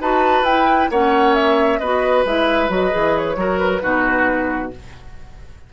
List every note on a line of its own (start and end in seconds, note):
0.00 0.42 D#4
0.00 0.45 F#4
0.00 0.90 B4
0.00 0.44 A5
0.42 0.86 E4
0.42 0.91 E4
0.42 0.89 G5
0.90 1.79 A#3
0.90 1.81 C#4
0.90 1.79 C#5
0.90 1.34 F#5
1.34 1.78 E5
1.78 2.24 B3
1.78 2.26 F#4
1.78 3.36 B4
1.78 2.23 D#5
2.25 2.69 G#3
2.25 2.68 E4
2.25 2.71 E5
2.68 2.91 F#3
2.68 2.90 F#4
2.68 3.17 D#5
2.90 3.36 E3
2.90 3.35 G#4
3.17 3.58 C#5
3.36 3.80 F#3
3.36 3.81 F#4
3.36 3.82 A#4
3.58 4.70 B4
3.81 4.72 B2
3.81 4.70 D#4
3.81 4.72 F#4